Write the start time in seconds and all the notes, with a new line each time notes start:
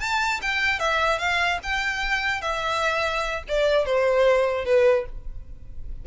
0.00 A5
0.42 G5
0.80 E5
1.19 F5
1.63 G5
2.42 E5
3.49 D5
3.86 C5
4.65 B4